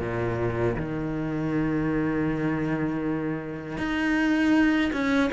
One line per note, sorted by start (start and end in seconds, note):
0.00 0.76 A#2
0.76 3.78 D#3
3.78 4.92 D#4
4.93 5.31 C#4